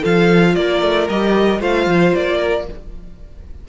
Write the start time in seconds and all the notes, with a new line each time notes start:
0.00 F3 F4 A4 F5
0.55 A#3 A#4 D5
0.82 A3
1.09 G3 G4 D#5
1.59 A3 F4 C5 F5
1.86 F3
2.14 A#3 D5
2.37 A#4